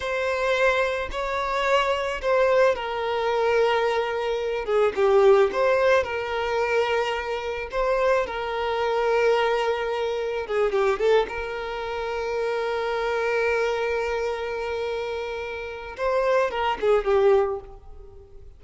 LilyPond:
\new Staff \with { instrumentName = "violin" } { \time 4/4 \tempo 4 = 109 c''2 cis''2 | c''4 ais'2.~ | ais'8 gis'8 g'4 c''4 ais'4~ | ais'2 c''4 ais'4~ |
ais'2. gis'8 g'8 | a'8 ais'2.~ ais'8~ | ais'1~ | ais'4 c''4 ais'8 gis'8 g'4 | }